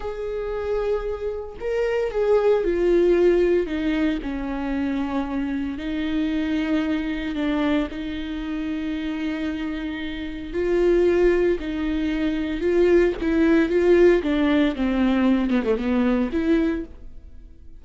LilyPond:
\new Staff \with { instrumentName = "viola" } { \time 4/4 \tempo 4 = 114 gis'2. ais'4 | gis'4 f'2 dis'4 | cis'2. dis'4~ | dis'2 d'4 dis'4~ |
dis'1 | f'2 dis'2 | f'4 e'4 f'4 d'4 | c'4. b16 a16 b4 e'4 | }